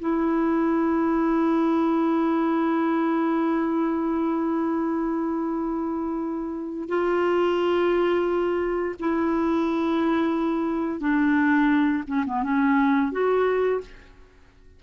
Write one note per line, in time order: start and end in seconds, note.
0.00 6.89 E4
6.89 8.96 F4
9.00 11.00 E4
11.00 12.04 D4
12.08 12.25 C#4
12.26 12.43 B3
12.43 13.12 C#4
13.12 13.81 F#4